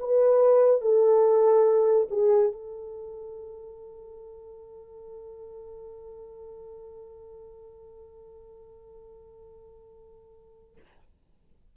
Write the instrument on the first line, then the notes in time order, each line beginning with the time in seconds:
horn
0.00 B4
0.82 A4
2.11 G#4
2.53 A4